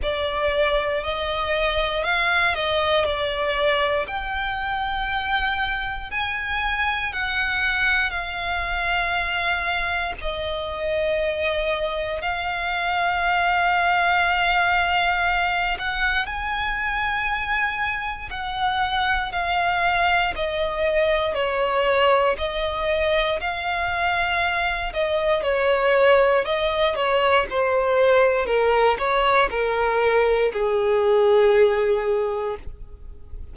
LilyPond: \new Staff \with { instrumentName = "violin" } { \time 4/4 \tempo 4 = 59 d''4 dis''4 f''8 dis''8 d''4 | g''2 gis''4 fis''4 | f''2 dis''2 | f''2.~ f''8 fis''8 |
gis''2 fis''4 f''4 | dis''4 cis''4 dis''4 f''4~ | f''8 dis''8 cis''4 dis''8 cis''8 c''4 | ais'8 cis''8 ais'4 gis'2 | }